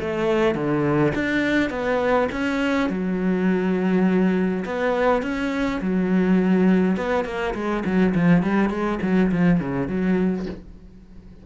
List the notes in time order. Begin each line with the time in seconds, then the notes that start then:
0.00 A3
0.54 D3
1.14 D4
1.70 B3
2.32 C#4
2.89 F#3
4.65 B3
5.22 C#4
5.81 F#3
6.96 B3
7.24 A#3
7.54 G#3
7.85 F#3
8.14 F3
8.43 G3
8.70 G#3
9.02 F#3
9.32 F3
9.60 C#3
9.87 F#3